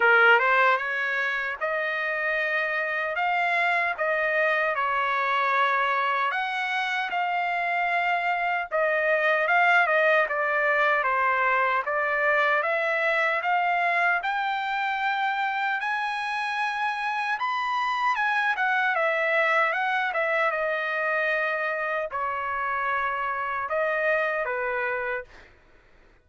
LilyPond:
\new Staff \with { instrumentName = "trumpet" } { \time 4/4 \tempo 4 = 76 ais'8 c''8 cis''4 dis''2 | f''4 dis''4 cis''2 | fis''4 f''2 dis''4 | f''8 dis''8 d''4 c''4 d''4 |
e''4 f''4 g''2 | gis''2 b''4 gis''8 fis''8 | e''4 fis''8 e''8 dis''2 | cis''2 dis''4 b'4 | }